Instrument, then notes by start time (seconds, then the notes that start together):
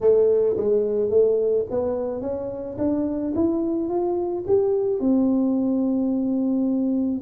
tuba
0.00 A3
0.57 G#3
1.10 A3
1.70 B3
2.21 C#4
2.78 D4
3.35 E4
3.89 F4
4.47 G4
5.00 C4